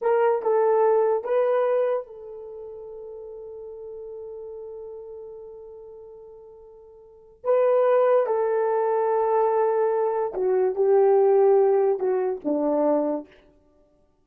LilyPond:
\new Staff \with { instrumentName = "horn" } { \time 4/4 \tempo 4 = 145 ais'4 a'2 b'4~ | b'4 a'2.~ | a'1~ | a'1~ |
a'2 b'2 | a'1~ | a'4 fis'4 g'2~ | g'4 fis'4 d'2 | }